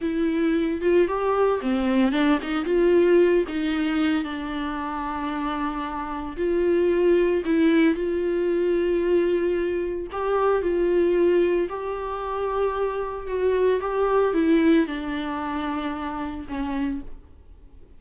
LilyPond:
\new Staff \with { instrumentName = "viola" } { \time 4/4 \tempo 4 = 113 e'4. f'8 g'4 c'4 | d'8 dis'8 f'4. dis'4. | d'1 | f'2 e'4 f'4~ |
f'2. g'4 | f'2 g'2~ | g'4 fis'4 g'4 e'4 | d'2. cis'4 | }